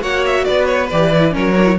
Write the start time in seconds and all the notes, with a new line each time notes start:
0.00 A#3 F#4 C#5 F#5
0.26 E5
0.44 B3 B4 D5
0.66 C#5
0.90 E3 G4 D5
1.14 E4
1.31 F#3 C#4 A#4
1.37 C#5
1.57 D4
1.65 E4